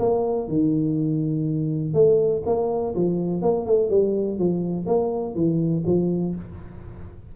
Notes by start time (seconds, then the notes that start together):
0.00 A#3
0.49 D#3
1.94 A3
2.46 A#3
2.95 F3
3.42 A#3
3.67 A3
3.90 G3
4.39 F3
4.87 A#3
5.35 E3
5.86 F3